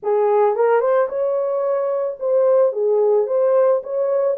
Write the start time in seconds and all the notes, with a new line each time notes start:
0.02 G#4
0.55 A#4
0.80 C5
1.09 C#5
2.19 C5
2.72 G#4
3.27 C5
3.83 C#5